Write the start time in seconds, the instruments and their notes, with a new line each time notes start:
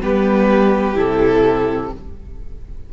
0.00 cello G3, viola B3, violin G4 B4
0.94 cello C3, viola E4, violin A4